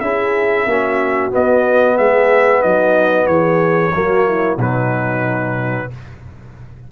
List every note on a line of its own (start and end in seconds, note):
0.00 0.66 C#4
0.00 0.68 E4
0.00 0.68 G#4
0.00 1.30 E5
0.67 1.32 A#3
0.67 1.31 C#4
0.67 1.97 F#4
1.31 3.92 B3
1.31 1.99 B3
1.31 1.98 D#5
1.97 2.64 G#3
1.97 2.61 G#4
1.97 2.63 E5
2.61 3.27 F#3
2.61 3.26 D#4
2.61 3.27 D#5
3.27 3.93 E3
3.27 3.94 G#4
3.27 4.57 C#5
3.94 4.57 F#3
3.94 4.59 A#3
3.94 4.27 F#4
4.27 4.58 E4
4.57 5.88 B2
4.57 5.90 F#3
4.57 5.88 D#4
4.57 5.92 B4